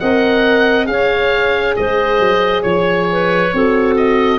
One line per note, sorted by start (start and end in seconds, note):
0.00 0.87 C4
0.00 0.86 A#4
0.00 0.89 D#5
0.00 0.87 F#5
0.86 1.76 C#4
0.86 3.51 G#4
0.86 1.78 C#5
0.86 1.75 F5
1.76 2.19 G#3
1.76 2.63 C5
1.76 2.62 D#5
2.19 2.64 F#3
2.62 3.53 F3
2.62 3.95 C#5
2.62 3.07 C#5
3.12 3.55 B4
3.54 4.39 C4
3.54 4.39 F#4
3.54 4.39 A4
3.97 4.39 D#5